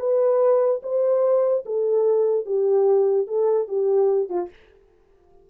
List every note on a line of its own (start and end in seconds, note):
0.00 0.82 B4
0.83 1.65 C5
1.66 2.46 A4
2.46 3.27 G4
3.27 3.68 A4
3.68 4.29 G4
4.29 4.50 F4